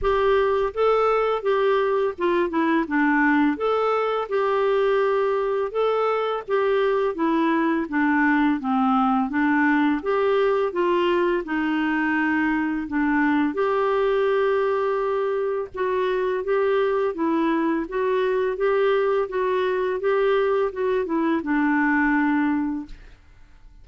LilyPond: \new Staff \with { instrumentName = "clarinet" } { \time 4/4 \tempo 4 = 84 g'4 a'4 g'4 f'8 e'8 | d'4 a'4 g'2 | a'4 g'4 e'4 d'4 | c'4 d'4 g'4 f'4 |
dis'2 d'4 g'4~ | g'2 fis'4 g'4 | e'4 fis'4 g'4 fis'4 | g'4 fis'8 e'8 d'2 | }